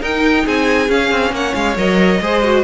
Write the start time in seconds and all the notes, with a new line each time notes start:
0.00 D#4 A#4 G5
0.45 C4 G#4 G#5
0.88 C#4 F5
1.10 C4
1.31 A#3 C#5 F#5
1.54 G#3 F5
1.76 F#3 A#4 D#5
2.20 G#3 G#4 C5
2.43 F#4